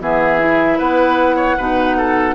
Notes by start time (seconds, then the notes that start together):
0.00 E3 B3 G#4 E5
0.39 E4
0.78 B3 B4 F#5
1.36 C#5
1.57 B2 D#4 B4
1.97 A4